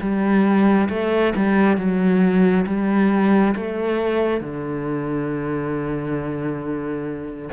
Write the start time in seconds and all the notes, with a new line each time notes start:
0.00 G3
0.89 A3
1.36 G3
1.77 F#3
2.66 G3
3.56 A3
4.40 D3